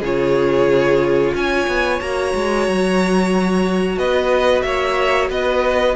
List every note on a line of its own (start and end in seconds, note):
0.00 1.33 C#3
0.00 2.01 F4
0.00 1.32 G#4
0.00 1.35 C#5
1.34 1.67 C#4
1.34 3.98 C#5
1.34 2.00 G#5
1.67 2.00 B3
2.00 2.34 A#3
2.00 5.95 F#4
2.00 3.98 A#5
2.34 2.67 G#3
2.68 3.97 F#3
3.97 4.63 B3
3.97 4.64 B4
3.97 4.62 D#5
4.62 5.29 A#3
4.62 5.29 C#5
4.62 5.27 E5
5.29 5.95 B3
5.29 5.95 B4
5.29 5.95 D#5